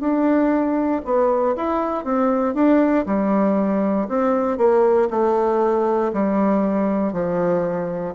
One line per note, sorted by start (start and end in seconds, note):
0.00 1.02 D4
1.05 1.56 B3
1.57 2.05 E4
2.05 2.55 C4
2.55 3.06 D4
3.06 4.08 G3
4.09 4.58 C4
4.58 5.08 A#3
5.10 6.12 A3
6.14 7.13 G3
7.13 8.15 F3